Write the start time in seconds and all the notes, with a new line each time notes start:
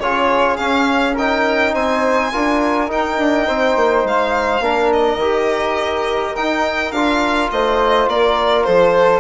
0.00 C#3 F4 G#4 C#5
0.57 C#4 F5
1.15 D#4 A#4 G5
1.74 C4 C5 G#5
2.33 D4 F4 A#4
2.88 D#4 G5
3.18 D4
3.47 C4 C5
3.76 A#3
4.04 G#3 F5
4.60 A#3 D4 A#4
4.92 D#5
5.16 D#3 G4
6.36 D#4 G5
6.92 D4 F4 F5
7.51 A3 C5 D#5
8.08 A#3 A#4 D5
8.64 F3 A4 C5